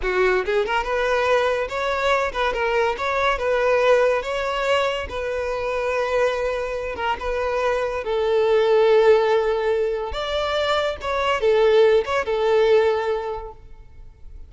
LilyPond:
\new Staff \with { instrumentName = "violin" } { \time 4/4 \tempo 4 = 142 fis'4 gis'8 ais'8 b'2 | cis''4. b'8 ais'4 cis''4 | b'2 cis''2 | b'1~ |
b'8 ais'8 b'2 a'4~ | a'1 | d''2 cis''4 a'4~ | a'8 cis''8 a'2. | }